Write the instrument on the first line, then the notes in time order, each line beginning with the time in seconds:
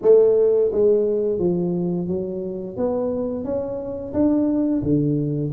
tuba
0.02 A3
0.72 G#3
1.39 F3
2.07 F#3
2.76 B3
3.44 C#4
4.13 D4
4.82 D3